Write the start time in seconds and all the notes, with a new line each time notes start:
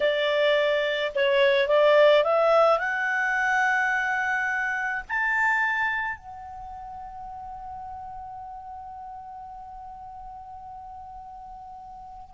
0.00 D5
1.15 C#5
1.68 D5
2.24 E5
2.79 F#5
5.08 A5
6.17 F#5